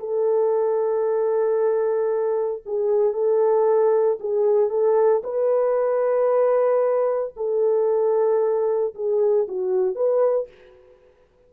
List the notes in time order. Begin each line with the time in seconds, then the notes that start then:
0.00 A4
2.66 G#4
3.14 A4
4.20 G#4
4.70 A4
5.24 B4
7.37 A4
8.95 G#4
9.48 F#4
9.96 B4